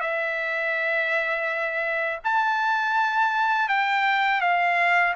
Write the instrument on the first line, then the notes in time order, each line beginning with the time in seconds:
trumpet
0.00 E5
2.24 A5
3.69 G5
4.41 F5